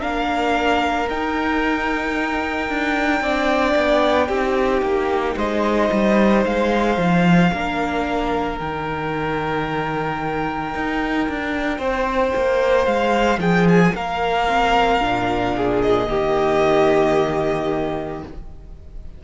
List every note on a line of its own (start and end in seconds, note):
0.00 1.08 A#3
0.00 1.07 D4
0.00 3.22 A#4
0.00 1.08 F5
1.08 2.69 D#4
1.08 3.21 D#4
1.08 5.38 G5
2.69 3.20 D4
3.20 3.74 C4
3.20 4.28 D4
3.20 4.27 D5
3.75 4.28 B3
4.27 4.81 C4
4.27 7.52 D#4
4.27 5.35 G4
4.81 5.35 A#3
5.35 5.90 G#3
5.35 7.50 C5
5.35 6.44 D#5
5.91 6.45 G3
6.44 6.97 G#3
6.44 8.58 F5
6.97 7.50 F3
7.52 8.59 A#3
7.52 8.58 D4
7.52 11.78 A#4
8.58 10.74 D#3
8.58 14.47 D#4
8.58 12.85 G5
10.74 11.27 D#4
11.28 11.78 D4
11.78 12.31 C4
11.78 13.38 C5
12.35 12.86 A#3
12.85 13.37 G#3
12.85 13.39 F5
13.37 13.91 F3
13.37 13.94 G#4
13.37 13.67 G5
13.68 13.95 G#5
13.94 15.00 A#3
13.94 15.55 A#4
13.94 15.81 F5
14.47 15.00 C4
15.00 16.07 A#2
15.00 16.07 D4
15.56 16.09 G#4
15.81 18.22 D#5
16.07 18.23 D#3
16.07 18.21 A#3
16.07 18.23 G4